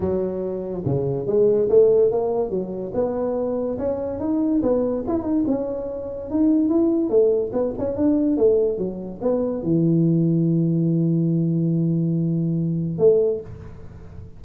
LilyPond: \new Staff \with { instrumentName = "tuba" } { \time 4/4 \tempo 4 = 143 fis2 cis4 gis4 | a4 ais4 fis4 b4~ | b4 cis'4 dis'4 b4 | e'8 dis'8 cis'2 dis'4 |
e'4 a4 b8 cis'8 d'4 | a4 fis4 b4 e4~ | e1~ | e2. a4 | }